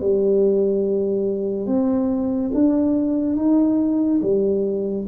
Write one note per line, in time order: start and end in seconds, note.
0.00 1.66 G3
1.66 2.50 C4
2.54 3.36 D4
3.36 4.20 D#4
4.22 5.06 G3